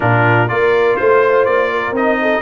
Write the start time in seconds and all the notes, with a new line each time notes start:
0.00 A#2 D4 F4 A#4
0.48 A#3 F4 A#4 D5
0.96 A3 C5
1.45 A#3 D5
1.70 A#4
1.91 C4 D#4 D#5
2.21 A4